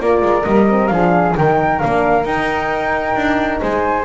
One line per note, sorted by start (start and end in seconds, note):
0.00 0.22 A#3
0.00 0.43 F4
0.00 0.92 A#4
0.00 0.43 D5
0.22 0.44 G#3
0.43 0.90 G3
0.43 0.65 A#3
0.43 0.87 D#5
0.69 0.90 C4
0.87 1.35 F3
0.87 1.35 D4
0.87 1.37 G#4
0.87 1.32 F5
1.36 1.83 D#3
1.36 1.80 D#4
1.36 3.61 A#4
1.36 1.79 G5
1.79 2.25 A#3
1.79 2.25 D4
1.79 2.24 F5
2.25 3.15 D#4
2.25 4.04 D#4
2.25 3.60 G5
3.15 3.60 D4
3.61 4.04 G#3
3.61 4.04 C5
3.61 4.04 G#5